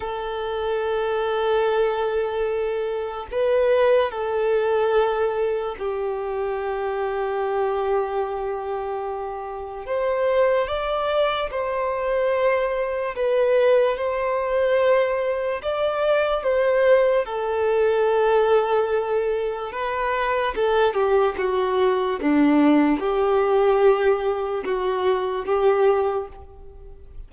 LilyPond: \new Staff \with { instrumentName = "violin" } { \time 4/4 \tempo 4 = 73 a'1 | b'4 a'2 g'4~ | g'1 | c''4 d''4 c''2 |
b'4 c''2 d''4 | c''4 a'2. | b'4 a'8 g'8 fis'4 d'4 | g'2 fis'4 g'4 | }